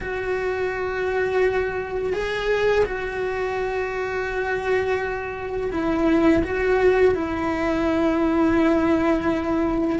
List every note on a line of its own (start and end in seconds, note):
0.00 2.13 F#4
2.13 2.84 G#4
2.85 5.70 F#4
5.71 6.43 E4
6.43 7.14 F#4
7.14 9.99 E4